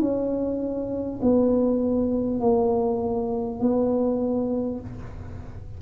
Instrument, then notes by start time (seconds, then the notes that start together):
tuba
0.00 C#4
1.22 B3
2.40 A#3
3.60 B3